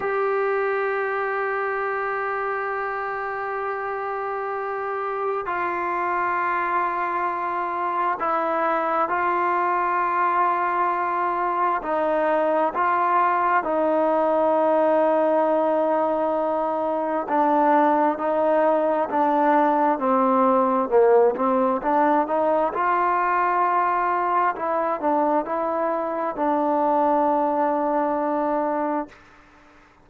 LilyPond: \new Staff \with { instrumentName = "trombone" } { \time 4/4 \tempo 4 = 66 g'1~ | g'2 f'2~ | f'4 e'4 f'2~ | f'4 dis'4 f'4 dis'4~ |
dis'2. d'4 | dis'4 d'4 c'4 ais8 c'8 | d'8 dis'8 f'2 e'8 d'8 | e'4 d'2. | }